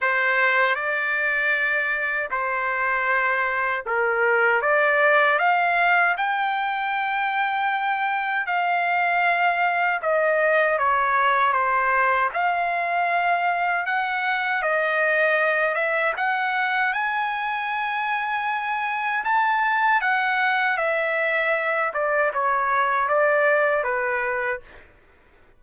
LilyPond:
\new Staff \with { instrumentName = "trumpet" } { \time 4/4 \tempo 4 = 78 c''4 d''2 c''4~ | c''4 ais'4 d''4 f''4 | g''2. f''4~ | f''4 dis''4 cis''4 c''4 |
f''2 fis''4 dis''4~ | dis''8 e''8 fis''4 gis''2~ | gis''4 a''4 fis''4 e''4~ | e''8 d''8 cis''4 d''4 b'4 | }